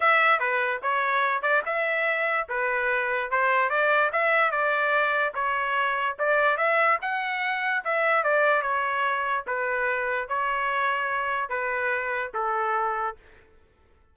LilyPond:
\new Staff \with { instrumentName = "trumpet" } { \time 4/4 \tempo 4 = 146 e''4 b'4 cis''4. d''8 | e''2 b'2 | c''4 d''4 e''4 d''4~ | d''4 cis''2 d''4 |
e''4 fis''2 e''4 | d''4 cis''2 b'4~ | b'4 cis''2. | b'2 a'2 | }